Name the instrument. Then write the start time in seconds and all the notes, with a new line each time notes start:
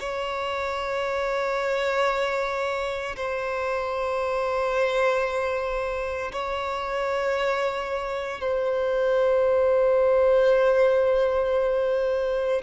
violin
0.00 C#5
3.16 C5
6.33 C#5
8.41 C5